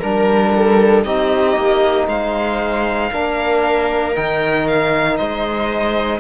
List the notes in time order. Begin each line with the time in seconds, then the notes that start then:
0.00 G3 D4 A#4
0.56 A4
1.03 C4 D#4 G4 D#5
1.57 A#3
2.08 G#3 C5 F5
3.11 A#3 D4 A#4
4.15 D#3 D#4 G5
4.68 F5
5.17 G#3 C5 D#5